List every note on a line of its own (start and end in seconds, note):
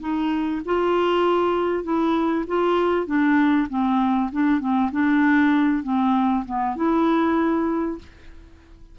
0.00 0.61 D#4
0.65 1.83 F4
1.83 2.45 E4
2.47 3.06 F4
3.06 3.67 D4
3.69 4.30 C4
4.32 4.60 D4
4.60 4.90 C4
4.91 5.83 D4
5.83 6.44 C4
6.45 6.76 B3
6.76 7.98 E4